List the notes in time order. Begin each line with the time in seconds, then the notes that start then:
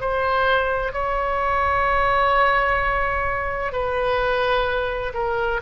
0.00 C5
0.92 C#5
3.72 B4
5.13 A#4